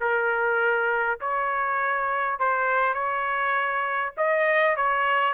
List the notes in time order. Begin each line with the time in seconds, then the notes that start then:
0.00 A#4
1.20 C#5
2.39 C5
2.94 C#5
4.17 D#5
4.76 C#5